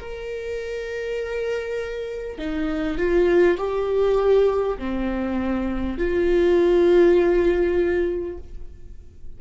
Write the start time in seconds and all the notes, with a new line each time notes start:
0.00 A#4
2.39 D#4
2.98 F4
3.58 G4
4.78 C4
5.98 F4